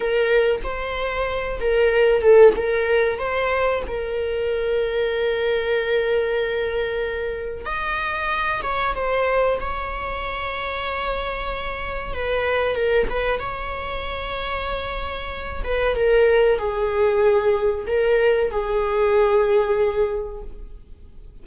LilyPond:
\new Staff \with { instrumentName = "viola" } { \time 4/4 \tempo 4 = 94 ais'4 c''4. ais'4 a'8 | ais'4 c''4 ais'2~ | ais'1 | dis''4. cis''8 c''4 cis''4~ |
cis''2. b'4 | ais'8 b'8 cis''2.~ | cis''8 b'8 ais'4 gis'2 | ais'4 gis'2. | }